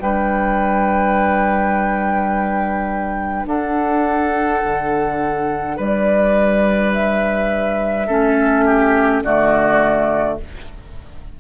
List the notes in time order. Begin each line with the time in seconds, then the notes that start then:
0.00 G3 D4 B4 G5
3.46 D4 A4 F#5
4.65 D3
5.77 G3 B4 D5
6.92 E5
8.07 A3 C#4 A4
8.66 G4
9.23 D3 A3 F#4 D5